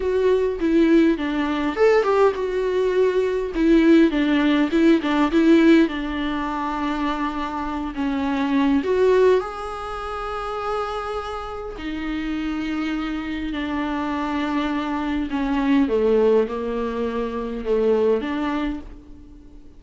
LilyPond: \new Staff \with { instrumentName = "viola" } { \time 4/4 \tempo 4 = 102 fis'4 e'4 d'4 a'8 g'8 | fis'2 e'4 d'4 | e'8 d'8 e'4 d'2~ | d'4. cis'4. fis'4 |
gis'1 | dis'2. d'4~ | d'2 cis'4 a4 | ais2 a4 d'4 | }